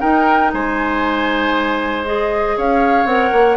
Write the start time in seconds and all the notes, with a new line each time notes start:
0.00 D#4 A#4 G5
0.53 G#3 C5 G#5
2.05 G#4 D#5
2.57 C#4 C#5 F5
3.05 C4 A#4 F#5
3.32 A#3